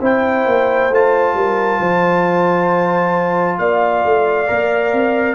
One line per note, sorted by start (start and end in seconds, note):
0.00 0.46 C4
0.00 0.91 E4
0.00 1.34 C5
0.00 0.94 G5
0.46 0.90 A#3
0.90 1.34 A3
0.90 4.47 F4
0.90 3.59 A5
1.34 1.79 G3
1.34 1.79 A#4
1.79 3.58 F3
1.79 3.58 C5
3.58 4.03 A#3
3.58 5.35 D5
3.58 5.35 F5
4.04 4.49 A3
4.47 4.93 A#3
4.47 5.35 A#4
4.93 5.35 C4